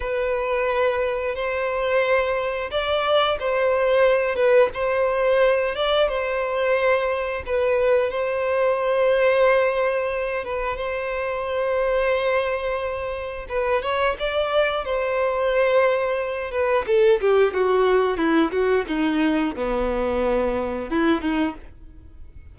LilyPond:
\new Staff \with { instrumentName = "violin" } { \time 4/4 \tempo 4 = 89 b'2 c''2 | d''4 c''4. b'8 c''4~ | c''8 d''8 c''2 b'4 | c''2.~ c''8 b'8 |
c''1 | b'8 cis''8 d''4 c''2~ | c''8 b'8 a'8 g'8 fis'4 e'8 fis'8 | dis'4 b2 e'8 dis'8 | }